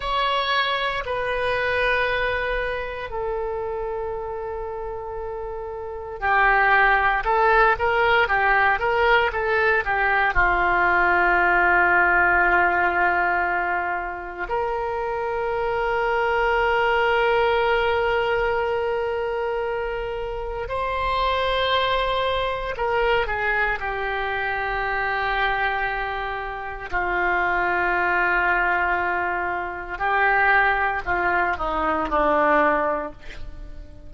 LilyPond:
\new Staff \with { instrumentName = "oboe" } { \time 4/4 \tempo 4 = 58 cis''4 b'2 a'4~ | a'2 g'4 a'8 ais'8 | g'8 ais'8 a'8 g'8 f'2~ | f'2 ais'2~ |
ais'1 | c''2 ais'8 gis'8 g'4~ | g'2 f'2~ | f'4 g'4 f'8 dis'8 d'4 | }